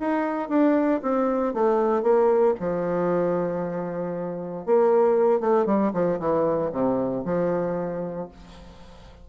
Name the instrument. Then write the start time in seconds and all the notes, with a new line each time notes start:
bassoon
0.00 D#4
0.49 D4
1.02 C4
1.54 A3
2.03 A#3
2.60 F3
4.66 A#3
5.41 A3
5.66 G3
5.93 F3
6.19 E3
6.72 C3
7.25 F3